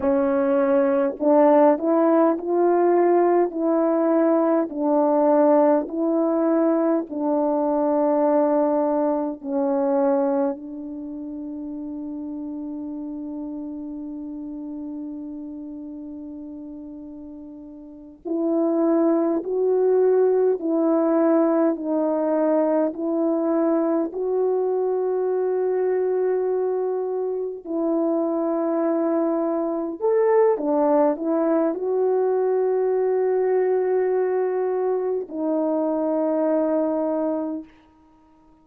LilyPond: \new Staff \with { instrumentName = "horn" } { \time 4/4 \tempo 4 = 51 cis'4 d'8 e'8 f'4 e'4 | d'4 e'4 d'2 | cis'4 d'2.~ | d'2.~ d'8 e'8~ |
e'8 fis'4 e'4 dis'4 e'8~ | e'8 fis'2. e'8~ | e'4. a'8 d'8 e'8 fis'4~ | fis'2 dis'2 | }